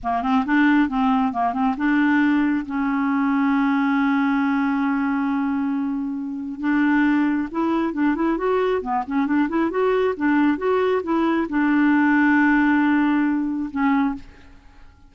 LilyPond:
\new Staff \with { instrumentName = "clarinet" } { \time 4/4 \tempo 4 = 136 ais8 c'8 d'4 c'4 ais8 c'8 | d'2 cis'2~ | cis'1~ | cis'2. d'4~ |
d'4 e'4 d'8 e'8 fis'4 | b8 cis'8 d'8 e'8 fis'4 d'4 | fis'4 e'4 d'2~ | d'2. cis'4 | }